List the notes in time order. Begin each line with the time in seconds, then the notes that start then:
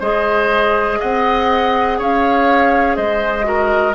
0.00 G#3 G#4 C5 D#5
1.00 C4 D#5 F#5
1.99 C#4 C#5 F5
2.96 G#3 C5 D#5
3.43 F#4 A#4